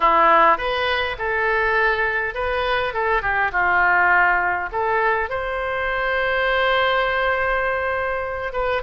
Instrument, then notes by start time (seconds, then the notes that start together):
oboe
0.00 E4
0.57 B4
1.18 A4
2.34 B4
2.93 A4
3.22 G4
3.52 F4
4.71 A4
5.29 C5
8.53 B4